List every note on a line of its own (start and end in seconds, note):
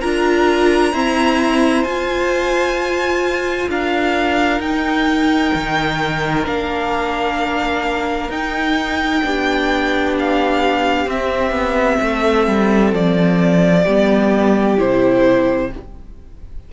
0.00 0.92 D4
0.00 0.93 F4
0.00 0.92 A#4
0.00 1.83 A#5
0.92 1.85 C4
0.92 1.83 E4
0.92 3.69 C5
1.83 3.68 F4
1.83 4.61 F4
1.83 3.68 G#5
3.68 4.59 D4
3.68 9.24 A#4
3.68 4.60 F5
4.59 5.52 D#4
4.59 6.44 D#4
4.59 6.45 G5
5.54 6.46 D#3
6.44 8.29 A#3
6.44 8.29 D4
6.44 8.30 F5
8.29 9.21 D#4
8.29 9.22 D#4
8.29 10.15 G5
9.22 11.06 B3
9.22 11.06 D4
9.22 11.99 G4
10.19 11.09 F5
11.06 11.51 C4
11.06 13.83 C4
11.06 12.94 E5
11.51 11.97 B3
11.99 12.47 A3
11.99 13.83 A4
12.47 12.92 G3
12.92 13.85 F3
12.92 14.79 D5
13.83 14.78 G3
13.83 14.77 B3
13.83 15.67 G4
14.77 15.72 C3
14.77 15.69 E4
14.77 15.71 C5